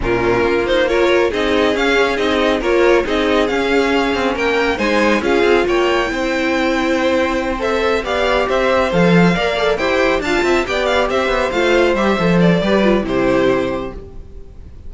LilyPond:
<<
  \new Staff \with { instrumentName = "violin" } { \time 4/4 \tempo 4 = 138 ais'4. c''8 cis''4 dis''4 | f''4 dis''4 cis''4 dis''4 | f''2 g''4 gis''4 | f''4 g''2.~ |
g''4. e''4 f''4 e''8~ | e''8 f''2 g''4 a''8~ | a''8 g''8 f''8 e''4 f''4 e''8~ | e''8 d''4. c''2 | }
  \new Staff \with { instrumentName = "violin" } { \time 4/4 f'2 ais'4 gis'4~ | gis'2 ais'4 gis'4~ | gis'2 ais'4 c''4 | gis'4 cis''4 c''2~ |
c''2~ c''8 d''4 c''8~ | c''4. d''4 c''4 f''8 | e''8 d''4 c''2~ c''8~ | c''4 b'4 g'2 | }
  \new Staff \with { instrumentName = "viola" } { \time 4/4 cis'4. dis'8 f'4 dis'4 | cis'4 dis'4 f'4 dis'4 | cis'2. dis'4 | f'2 e'2~ |
e'4. a'4 g'4.~ | g'8 a'4 ais'8 a'8 g'4 f'8~ | f'8 g'2 f'4 g'8 | a'4 g'8 f'8 e'2 | }
  \new Staff \with { instrumentName = "cello" } { \time 4/4 ais,4 ais2 c'4 | cis'4 c'4 ais4 c'4 | cis'4. c'8 ais4 gis4 | cis'8 c'8 ais4 c'2~ |
c'2~ c'8 b4 c'8~ | c'8 f4 ais4 e'4 d'8 | c'8 b4 c'8 b8 a4 g8 | f4 g4 c2 | }
>>